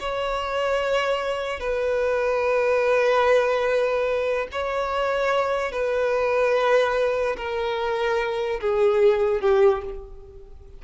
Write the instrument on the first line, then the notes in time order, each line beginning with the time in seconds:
violin
0.00 C#5
1.60 B4
4.52 C#5
5.72 B4
7.37 A#4
8.60 G#4
9.41 G4